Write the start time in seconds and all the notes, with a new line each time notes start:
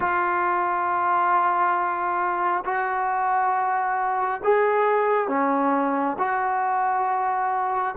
0.00 F4
2.64 F#4
4.43 G#4
5.28 C#4
6.18 F#4